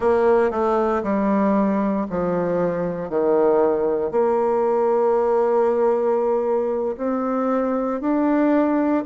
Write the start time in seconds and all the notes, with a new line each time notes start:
0.00 A#3
0.50 A3
1.03 G3
2.09 F3
3.09 D#3
4.11 A#3
6.97 C4
8.00 D4